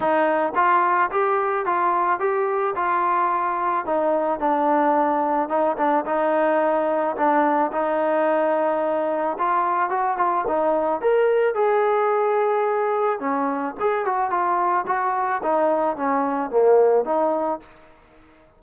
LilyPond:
\new Staff \with { instrumentName = "trombone" } { \time 4/4 \tempo 4 = 109 dis'4 f'4 g'4 f'4 | g'4 f'2 dis'4 | d'2 dis'8 d'8 dis'4~ | dis'4 d'4 dis'2~ |
dis'4 f'4 fis'8 f'8 dis'4 | ais'4 gis'2. | cis'4 gis'8 fis'8 f'4 fis'4 | dis'4 cis'4 ais4 dis'4 | }